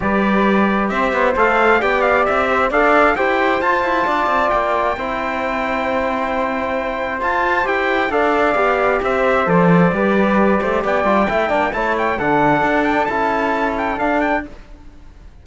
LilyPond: <<
  \new Staff \with { instrumentName = "trumpet" } { \time 4/4 \tempo 4 = 133 d''2 e''4 f''4 | g''8 f''8 e''4 f''4 g''4 | a''2 g''2~ | g''1 |
a''4 g''4 f''2 | e''4 d''2. | g''2 a''8 g''8 fis''4~ | fis''8 g''8 a''4. g''8 f''8 g''8 | }
  \new Staff \with { instrumentName = "flute" } { \time 4/4 b'2 c''2 | d''4. c''8 d''4 c''4~ | c''4 d''2 c''4~ | c''1~ |
c''2 d''2 | c''2 b'4. c''8 | d''4 e''8 d''8 cis''4 a'4~ | a'1 | }
  \new Staff \with { instrumentName = "trombone" } { \time 4/4 g'2. a'4 | g'2 a'4 g'4 | f'2. e'4~ | e'1 |
f'4 g'4 a'4 g'4~ | g'4 a'4 g'2~ | g'8 f'8 e'8 d'8 e'4 d'4~ | d'4 e'2 d'4 | }
  \new Staff \with { instrumentName = "cello" } { \time 4/4 g2 c'8 b8 a4 | b4 c'4 d'4 e'4 | f'8 e'8 d'8 c'8 ais4 c'4~ | c'1 |
f'4 e'4 d'4 b4 | c'4 f4 g4. a8 | b8 g8 a8 ais8 a4 d4 | d'4 cis'2 d'4 | }
>>